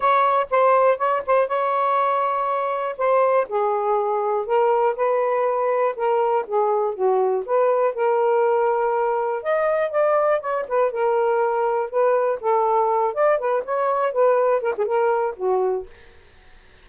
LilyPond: \new Staff \with { instrumentName = "saxophone" } { \time 4/4 \tempo 4 = 121 cis''4 c''4 cis''8 c''8 cis''4~ | cis''2 c''4 gis'4~ | gis'4 ais'4 b'2 | ais'4 gis'4 fis'4 b'4 |
ais'2. dis''4 | d''4 cis''8 b'8 ais'2 | b'4 a'4. d''8 b'8 cis''8~ | cis''8 b'4 ais'16 gis'16 ais'4 fis'4 | }